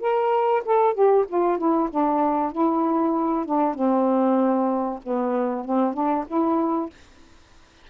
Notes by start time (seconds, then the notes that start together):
0.00 A#4
0.65 A4
0.94 G4
1.28 F4
1.58 E4
1.90 D4
2.52 E4
3.46 D4
3.74 C4
5.03 B3
5.65 C4
5.93 D4
6.27 E4